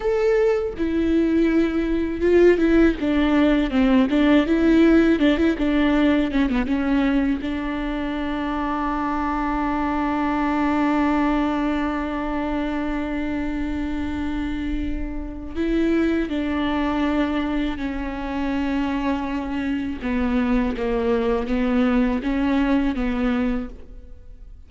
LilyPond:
\new Staff \with { instrumentName = "viola" } { \time 4/4 \tempo 4 = 81 a'4 e'2 f'8 e'8 | d'4 c'8 d'8 e'4 d'16 e'16 d'8~ | d'8 cis'16 b16 cis'4 d'2~ | d'1~ |
d'1~ | d'4 e'4 d'2 | cis'2. b4 | ais4 b4 cis'4 b4 | }